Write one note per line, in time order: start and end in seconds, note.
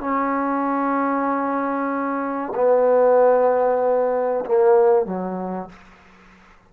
0.00 2.53 C#4
2.55 4.44 B3
4.45 5.06 A#3
5.06 5.69 F#3